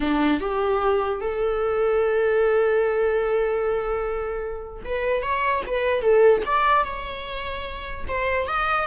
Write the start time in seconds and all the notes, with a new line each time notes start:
0.00 D4
0.40 G4
1.20 A4
4.84 B4
5.22 C#5
5.67 B4
6.01 A4
6.45 D5
6.83 C#5
8.08 C5
8.47 D#5